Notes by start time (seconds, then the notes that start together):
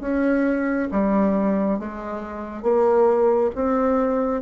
0.00 C#4
0.91 G3
1.79 G#3
2.62 A#3
3.55 C4